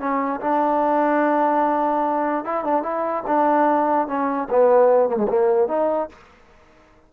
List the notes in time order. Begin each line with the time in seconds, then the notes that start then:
0.00 C#4
0.41 D4
2.45 E4
2.65 D4
2.83 E4
3.28 D4
4.08 C#4
4.50 B3
5.10 A#3
5.17 G#3
5.29 A#3
5.68 D#4